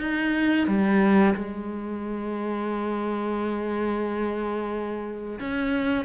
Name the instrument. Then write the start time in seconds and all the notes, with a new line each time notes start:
cello
0.00 D#4
0.67 G3
1.35 G#3
5.40 C#4